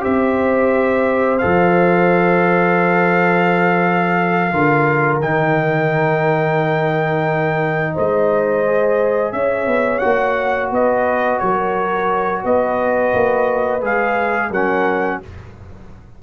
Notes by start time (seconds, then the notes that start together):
0.00 C4 G4 C5 E5
1.38 F3 A4 F5
4.51 D3 F4 A#4
5.20 D#3 D#4 G5
7.94 G#3 C5 D#5
8.66 G#4
9.32 C#4 C#5 E5
9.66 B3
9.98 A#3 F#4 F#5
10.71 B3 B4 D#5
11.39 F#3 A#4 C#5
12.43 B3 B4 D#5
13.13 A#3
13.81 G#3 G#4 F5
14.50 F#3 C#4 A#4 F#5